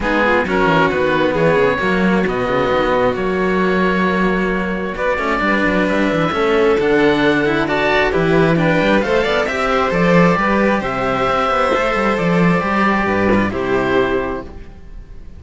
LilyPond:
<<
  \new Staff \with { instrumentName = "oboe" } { \time 4/4 \tempo 4 = 133 gis'4 ais'4 b'4 cis''4~ | cis''4 dis''2 cis''4~ | cis''2. d''4~ | d''4 e''2 fis''4~ |
fis''4 a''4 b'4 g''4 | f''4 e''4 d''2 | e''2. d''4~ | d''2 c''2 | }
  \new Staff \with { instrumentName = "violin" } { \time 4/4 dis'8 f'8 fis'2 gis'4 | fis'1~ | fis'1 | b'2 a'2~ |
a'4 d''4 g'4 b'4 | c''8 d''8 e''8 c''4. b'4 | c''1~ | c''4 b'4 g'2 | }
  \new Staff \with { instrumentName = "cello" } { \time 4/4 b4 cis'4 b2 | ais4 b2 ais4~ | ais2. b8 cis'8 | d'2 cis'4 d'4~ |
d'8 e'8 fis'4 e'4 d'4 | a'4 g'4 a'4 g'4~ | g'2 a'2 | g'4. f'8 e'2 | }
  \new Staff \with { instrumentName = "cello" } { \time 4/4 gis4 fis8 e8 dis4 e8 cis8 | fis4 b,8 cis8 dis8 b,8 fis4~ | fis2. b8 a8 | g8 fis8 g8 e8 a4 d4~ |
d2 e4. g8 | a8 b8 c'4 f4 g4 | c4 c'8 b8 a8 g8 f4 | g4 g,4 c2 | }
>>